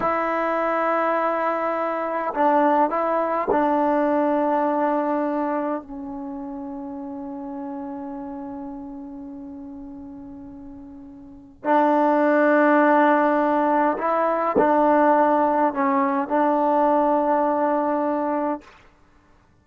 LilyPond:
\new Staff \with { instrumentName = "trombone" } { \time 4/4 \tempo 4 = 103 e'1 | d'4 e'4 d'2~ | d'2 cis'2~ | cis'1~ |
cis'1 | d'1 | e'4 d'2 cis'4 | d'1 | }